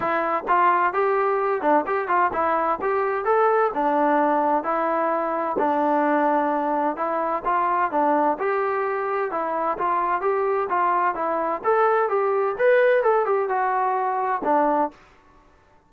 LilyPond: \new Staff \with { instrumentName = "trombone" } { \time 4/4 \tempo 4 = 129 e'4 f'4 g'4. d'8 | g'8 f'8 e'4 g'4 a'4 | d'2 e'2 | d'2. e'4 |
f'4 d'4 g'2 | e'4 f'4 g'4 f'4 | e'4 a'4 g'4 b'4 | a'8 g'8 fis'2 d'4 | }